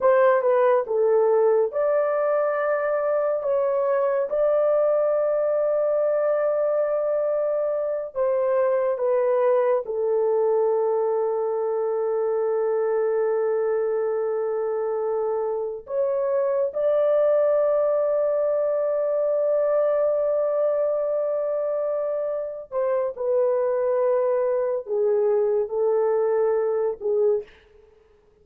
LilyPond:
\new Staff \with { instrumentName = "horn" } { \time 4/4 \tempo 4 = 70 c''8 b'8 a'4 d''2 | cis''4 d''2.~ | d''4. c''4 b'4 a'8~ | a'1~ |
a'2~ a'8 cis''4 d''8~ | d''1~ | d''2~ d''8 c''8 b'4~ | b'4 gis'4 a'4. gis'8 | }